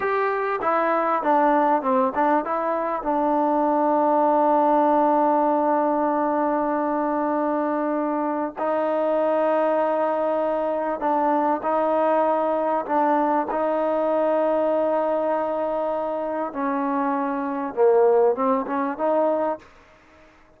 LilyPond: \new Staff \with { instrumentName = "trombone" } { \time 4/4 \tempo 4 = 98 g'4 e'4 d'4 c'8 d'8 | e'4 d'2.~ | d'1~ | d'2 dis'2~ |
dis'2 d'4 dis'4~ | dis'4 d'4 dis'2~ | dis'2. cis'4~ | cis'4 ais4 c'8 cis'8 dis'4 | }